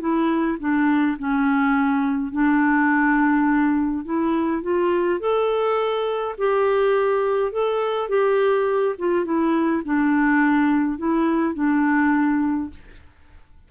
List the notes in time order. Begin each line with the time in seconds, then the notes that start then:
0.00 E4
0.60 D4
1.19 C#4
2.32 D4
4.05 E4
4.63 F4
5.20 A4
6.38 G4
7.52 A4
8.09 G4
8.99 F4
9.25 E4
9.85 D4
10.98 E4
11.55 D4